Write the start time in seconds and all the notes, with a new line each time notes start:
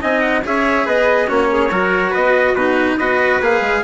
0.00 C4 D#4 D#5 G#5
0.20 F#5
0.43 C#4 G#4 C#5 E5
0.85 B3 B4 D#5
1.27 A#3 C#4 F#4 C#5
1.52 G#4
1.70 F#3 F#4 A#4
2.10 B3 B4 D#5
2.53 B2 D#4 F#4 B4
2.97 B3 F#4 B4 D#5
3.41 A#3 G#4 F5
3.61 G#3